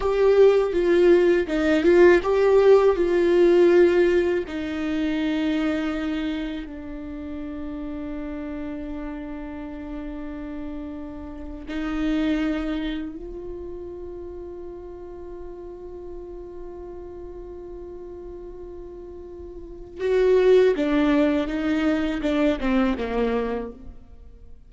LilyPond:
\new Staff \with { instrumentName = "viola" } { \time 4/4 \tempo 4 = 81 g'4 f'4 dis'8 f'8 g'4 | f'2 dis'2~ | dis'4 d'2.~ | d'2.~ d'8. dis'16~ |
dis'4.~ dis'16 f'2~ f'16~ | f'1~ | f'2. fis'4 | d'4 dis'4 d'8 c'8 ais4 | }